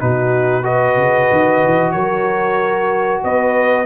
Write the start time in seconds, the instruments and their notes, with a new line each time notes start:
0.00 tuba B2, trombone D#4, horn F#4, trumpet B4
0.63 trombone F#4, horn B4, trumpet D#5
0.98 tuba C#3
1.32 tuba D#3
1.65 tuba E3
1.92 tuba F#3, horn A#4, trumpet C#5
3.24 tuba B3, horn B4, trumpet D#5